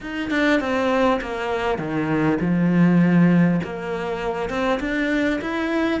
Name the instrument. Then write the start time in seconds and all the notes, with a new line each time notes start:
cello
0.01 D#4
0.30 D4
0.60 C4
1.21 A#3
1.78 D#3
2.40 F3
3.63 A#3
4.49 C4
4.80 D4
5.41 E4